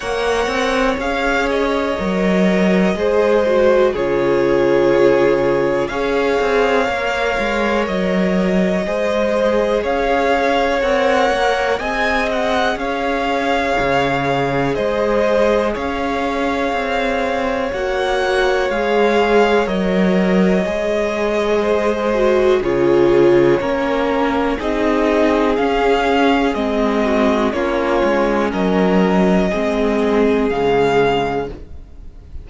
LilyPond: <<
  \new Staff \with { instrumentName = "violin" } { \time 4/4 \tempo 4 = 61 fis''4 f''8 dis''2~ dis''8 | cis''2 f''2 | dis''2 f''4 fis''4 | gis''8 fis''8 f''2 dis''4 |
f''2 fis''4 f''4 | dis''2. cis''4~ | cis''4 dis''4 f''4 dis''4 | cis''4 dis''2 f''4 | }
  \new Staff \with { instrumentName = "violin" } { \time 4/4 cis''2. c''4 | gis'2 cis''2~ | cis''4 c''4 cis''2 | dis''4 cis''2 c''4 |
cis''1~ | cis''2 c''4 gis'4 | ais'4 gis'2~ gis'8 fis'8 | f'4 ais'4 gis'2 | }
  \new Staff \with { instrumentName = "viola" } { \time 4/4 ais'4 gis'4 ais'4 gis'8 fis'8 | f'2 gis'4 ais'4~ | ais'4 gis'2 ais'4 | gis'1~ |
gis'2 fis'4 gis'4 | ais'4 gis'4. fis'8 f'4 | cis'4 dis'4 cis'4 c'4 | cis'2 c'4 gis4 | }
  \new Staff \with { instrumentName = "cello" } { \time 4/4 ais8 c'8 cis'4 fis4 gis4 | cis2 cis'8 c'8 ais8 gis8 | fis4 gis4 cis'4 c'8 ais8 | c'4 cis'4 cis4 gis4 |
cis'4 c'4 ais4 gis4 | fis4 gis2 cis4 | ais4 c'4 cis'4 gis4 | ais8 gis8 fis4 gis4 cis4 | }
>>